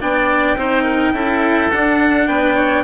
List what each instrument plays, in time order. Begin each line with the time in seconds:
0.00 bassoon B3, cello D4, oboe D5, trumpet G5
0.56 bassoon C4, cello D#4, oboe C5
0.83 oboe A#4
1.13 bassoon C#4, cello E4, oboe A4
1.71 bassoon D4, cello D4, trumpet F#5
2.27 bassoon B3, oboe B4, trumpet G5
2.55 oboe C#5